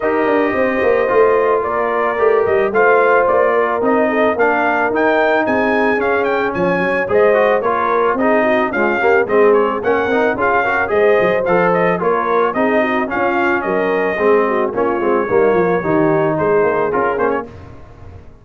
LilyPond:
<<
  \new Staff \with { instrumentName = "trumpet" } { \time 4/4 \tempo 4 = 110 dis''2. d''4~ | d''8 dis''8 f''4 d''4 dis''4 | f''4 g''4 gis''4 f''8 g''8 | gis''4 dis''4 cis''4 dis''4 |
f''4 dis''8 cis''8 fis''4 f''4 | dis''4 f''8 dis''8 cis''4 dis''4 | f''4 dis''2 cis''4~ | cis''2 c''4 ais'8 c''16 cis''16 | }
  \new Staff \with { instrumentName = "horn" } { \time 4/4 ais'4 c''2 ais'4~ | ais'4 c''4. ais'4 a'8 | ais'2 gis'2 | cis''4 c''4 ais'4 gis'8 fis'8 |
f'8 g'8 gis'4 ais'4 gis'8 ais'8 | c''2 ais'4 gis'8 fis'8 | f'4 ais'4 gis'8 fis'8 f'4 | dis'8 f'8 g'4 gis'2 | }
  \new Staff \with { instrumentName = "trombone" } { \time 4/4 g'2 f'2 | g'4 f'2 dis'4 | d'4 dis'2 cis'4~ | cis'4 gis'8 fis'8 f'4 dis'4 |
gis8 ais8 c'4 cis'8 dis'8 f'8 fis'8 | gis'4 a'4 f'4 dis'4 | cis'2 c'4 cis'8 c'8 | ais4 dis'2 f'8 cis'8 | }
  \new Staff \with { instrumentName = "tuba" } { \time 4/4 dis'8 d'8 c'8 ais8 a4 ais4 | a8 g8 a4 ais4 c'4 | ais4 dis'4 c'4 cis'4 | f8 fis8 gis4 ais4 c'4 |
cis'4 gis4 ais8 c'8 cis'4 | gis8 fis8 f4 ais4 c'4 | cis'4 fis4 gis4 ais8 gis8 | g8 f8 dis4 gis8 ais8 cis'8 ais8 | }
>>